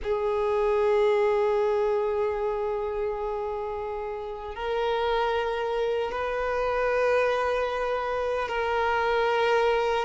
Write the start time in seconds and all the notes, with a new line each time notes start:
0.03 G#4
4.55 A#4
6.11 B4
8.48 A#4